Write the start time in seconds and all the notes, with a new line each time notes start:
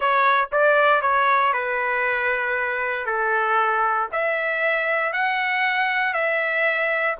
0.00 C#5
0.52 D5
1.01 C#5
1.53 B4
3.06 A4
4.12 E5
5.12 F#5
6.13 E5